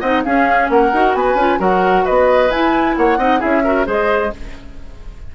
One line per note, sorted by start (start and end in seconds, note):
0.00 0.25 C4
0.00 0.25 D#4
0.00 0.23 D#5
0.00 0.23 F#5
0.24 0.93 C#4
0.24 0.70 C#4
0.24 0.71 G#4
0.24 0.69 F5
0.70 0.92 A#3
0.70 1.17 A#4
0.70 1.15 F#5
0.93 1.14 D#4
0.93 1.39 F#4
1.14 1.35 B3
1.14 1.59 B4
1.14 1.61 G#5
1.35 1.58 C#4
1.35 1.59 F4
1.59 2.05 F#3
1.59 2.50 F#4
1.59 2.05 A#4
1.59 2.06 F#5
2.05 2.51 B3
2.05 2.96 B4
2.05 2.51 D#5
2.51 2.96 E4
2.51 3.20 E4
2.51 2.97 G#5
2.97 3.18 A#3
2.97 3.19 C#5
2.97 3.42 F#5
3.18 3.41 C4
3.18 3.40 D#4
3.18 3.40 D#5
3.40 3.87 C#4
3.40 3.62 E4
3.40 3.63 G#4
3.40 3.88 E5
3.65 3.85 F#4
3.65 3.87 A#4
3.85 4.33 G#3
3.85 4.30 G#4
3.85 4.32 C5
3.85 4.36 D#5